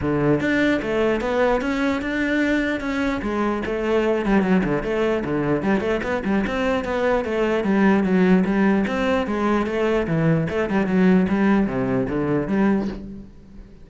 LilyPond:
\new Staff \with { instrumentName = "cello" } { \time 4/4 \tempo 4 = 149 d4 d'4 a4 b4 | cis'4 d'2 cis'4 | gis4 a4. g8 fis8 d8 | a4 d4 g8 a8 b8 g8 |
c'4 b4 a4 g4 | fis4 g4 c'4 gis4 | a4 e4 a8 g8 fis4 | g4 c4 d4 g4 | }